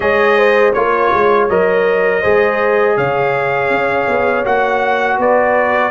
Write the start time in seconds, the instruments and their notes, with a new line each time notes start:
0.00 tuba G#3, trombone G#4, horn C#5, trumpet D#5
0.37 horn C5
0.73 tuba A#3, trombone F4, trumpet C#5, horn C#5
1.13 tuba G#3
1.49 tuba F#3, trombone A#4, trumpet D#5
2.21 tuba G#3, trombone G#4, horn C5
2.96 tuba C#3, horn C#5, trumpet F5
3.69 tuba C#4
4.07 tuba B3
4.44 tuba A#3, trombone F#4, trumpet F#5
5.18 tuba B3, horn B4, trumpet D5